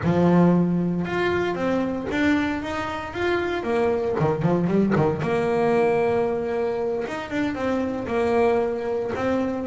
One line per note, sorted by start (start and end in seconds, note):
0.03 1.05 F3
1.05 1.54 F4
1.54 2.07 C4
2.11 2.62 D4
2.62 3.13 D#4
3.13 3.63 F4
3.63 4.15 A#3
4.19 4.42 D#3
4.42 4.67 F3
4.67 4.93 G3
4.95 5.21 D#3
5.22 7.05 A#3
7.07 7.30 D#4
7.30 7.54 D4
7.54 8.07 C4
8.07 9.11 A#3
9.15 9.66 C4